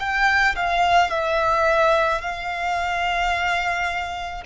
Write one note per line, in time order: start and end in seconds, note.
0.00 0.56 G5
0.56 1.11 F5
1.11 2.22 E5
2.22 4.44 F5